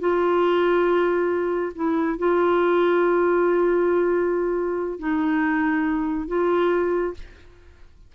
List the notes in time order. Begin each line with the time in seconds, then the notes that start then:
0.00 F4
1.75 E4
2.18 F4
4.99 D#4
6.28 F4